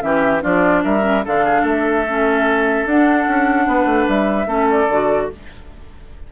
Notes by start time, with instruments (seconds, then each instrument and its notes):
0.00 bassoon E3, clarinet C#4, oboe G4, flute E5
0.40 bassoon F3, clarinet D4, oboe F4, flute D5
0.84 bassoon G3, oboe A#4, flute E5
1.01 clarinet C#4
1.24 bassoon D3, clarinet D4, oboe A4, flute F5
1.45 oboe G#4
1.61 bassoon A3, oboe A4, flute E5
2.08 clarinet C#4
2.85 bassoon D4, clarinet D4, flute F#5
3.27 bassoon C#4
3.66 bassoon B3, oboe B4
3.85 bassoon A3
4.08 bassoon G3, flute E5
4.46 bassoon A3, clarinet C#4, oboe A4
4.70 flute D5
4.89 bassoon D3, clarinet F#4